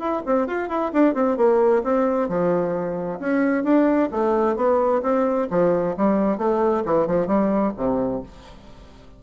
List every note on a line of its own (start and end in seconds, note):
0.00 0.23 E4
0.26 0.48 C4
0.48 0.69 F4
0.69 0.92 E4
0.94 1.15 D4
1.15 1.37 C4
1.37 1.83 A#3
1.84 2.29 C4
2.29 3.20 F3
3.20 3.64 C#4
3.64 4.10 D4
4.12 4.57 A3
4.57 5.02 B3
5.03 5.48 C4
5.51 5.96 F3
5.97 6.38 G3
6.38 6.84 A3
6.86 7.07 E3
7.07 7.27 F3
7.27 7.73 G3
7.77 8.23 C3